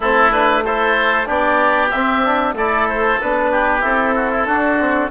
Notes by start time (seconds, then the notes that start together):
0.00 A3 C4 E4 A4
0.31 D4 B4
0.64 E4 A4 C5
1.25 B3 D4 G4 D5
1.90 C4 E5
2.24 D4
2.53 A3 E4 A4 D5
2.88 C5
3.20 B3 D4 B4
3.51 G4
3.80 C4 E4 A4
4.15 F#4
4.31 E4
4.45 D4 F#4
4.79 C4